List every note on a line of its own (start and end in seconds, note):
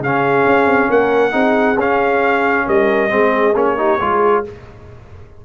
0.00 0.44 C#3
0.00 1.32 C#4
0.00 0.89 G#4
0.00 0.92 F5
0.47 0.66 C#4
0.66 0.88 C4
0.89 1.34 A#3
0.89 1.33 A#4
0.89 1.80 F#5
1.32 1.77 C4
1.32 1.76 D#4
1.32 2.65 G#4
1.77 2.65 C#4
1.77 3.10 C#4
1.77 2.69 F5
2.67 3.12 G3
2.67 3.11 A#4
2.67 3.57 D#5
3.10 3.55 G#3
3.10 3.54 C4
3.10 3.78 G#4
3.55 3.99 A#3
3.55 3.78 C#4
3.55 4.45 C#5
3.78 4.00 D#4
3.78 4.00 G4
4.00 4.45 G#3
4.00 4.45 F4
4.00 4.44 G#4